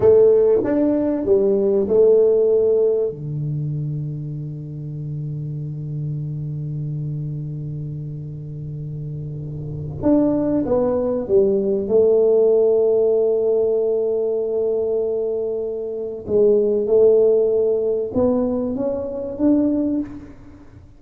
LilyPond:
\new Staff \with { instrumentName = "tuba" } { \time 4/4 \tempo 4 = 96 a4 d'4 g4 a4~ | a4 d2.~ | d1~ | d1 |
d'4 b4 g4 a4~ | a1~ | a2 gis4 a4~ | a4 b4 cis'4 d'4 | }